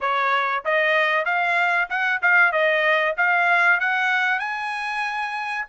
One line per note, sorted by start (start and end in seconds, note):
0.01 0.64 C#5
0.64 1.25 D#5
1.25 1.88 F5
1.89 2.21 F#5
2.21 2.51 F5
2.51 3.15 D#5
3.17 3.80 F5
3.80 4.39 F#5
4.39 5.65 G#5